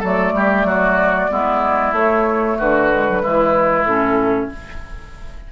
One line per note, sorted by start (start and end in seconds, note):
0.00 0.34 F#3
0.00 1.30 A3
0.00 0.32 A4
0.00 1.95 D5
0.34 0.65 G3
0.34 0.67 G4
0.65 1.28 F#3
0.65 1.31 F#4
1.30 1.93 G#3
1.30 1.94 B3
1.30 2.58 E4
1.93 2.57 A3
1.93 2.92 A3
1.93 2.58 C#5
2.58 3.24 D3
2.58 3.22 F#4
2.58 3.86 B4
2.92 3.08 G#3
3.09 3.21 F#3
3.21 3.84 E3
3.21 3.85 G#3
3.21 4.51 E4
3.84 4.48 A2
3.84 4.52 C#4
3.84 4.49 A4